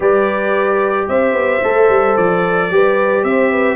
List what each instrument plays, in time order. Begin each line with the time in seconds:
0.00 tuba G3, trombone G4, horn B4, trumpet D5
1.08 tuba C4, horn C5, trumpet E5
1.33 tuba B3
1.63 tuba A3, trombone A4
1.89 tuba G3
2.16 tuba F3, trumpet D5
2.70 tuba G3, trombone G4, horn B4
3.23 tuba C4, horn C5, trumpet E5
3.50 horn B4